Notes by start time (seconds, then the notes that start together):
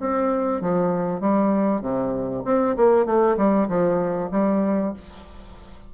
0.00 C4
0.61 F3
1.20 G3
1.81 C3
2.45 C4
2.76 A#3
3.06 A3
3.37 G3
3.68 F3
4.31 G3